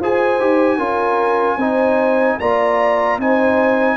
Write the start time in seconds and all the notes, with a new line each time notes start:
0.00 F4 G#4 C5 G#5
0.40 D#4 G4
0.77 C#4 F4 A#4
1.57 C4 D#4 C5
2.40 A#3 F4 D5 A#5
3.18 C4 D#4 C5 G#5